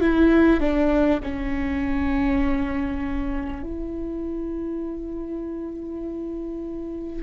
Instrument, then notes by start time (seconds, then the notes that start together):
viola
0.00 E4
0.60 D4
1.23 C#4
3.63 E4